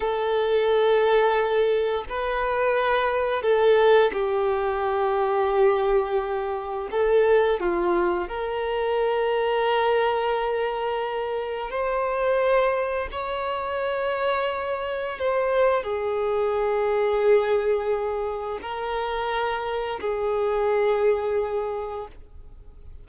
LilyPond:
\new Staff \with { instrumentName = "violin" } { \time 4/4 \tempo 4 = 87 a'2. b'4~ | b'4 a'4 g'2~ | g'2 a'4 f'4 | ais'1~ |
ais'4 c''2 cis''4~ | cis''2 c''4 gis'4~ | gis'2. ais'4~ | ais'4 gis'2. | }